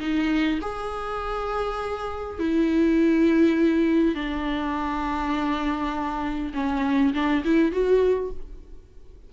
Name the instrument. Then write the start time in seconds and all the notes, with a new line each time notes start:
viola
0.00 D#4
0.62 G#4
2.39 E4
4.15 D4
6.54 C#4
7.14 D4
7.45 E4
7.72 F#4